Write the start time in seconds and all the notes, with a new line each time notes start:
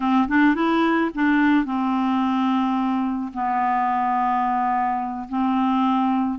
0.00 C4
0.28 D4
0.55 E4
1.14 D4
1.65 C4
3.33 B3
5.28 C4